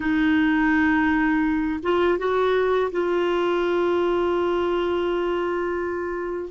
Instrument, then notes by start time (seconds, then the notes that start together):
clarinet
0.00 D#4
1.82 F4
2.18 F#4
2.91 F4